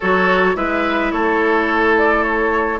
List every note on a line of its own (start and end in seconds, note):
0.00 0.56 F#3
0.00 0.54 F#4
0.00 0.56 A4
0.00 0.56 C#5
0.54 1.12 G#3
0.54 2.79 E4
0.54 1.12 B4
0.54 1.11 E5
1.11 2.79 A3
1.11 2.79 A4
1.11 1.95 C#5
1.97 2.23 D5
2.23 2.79 C#5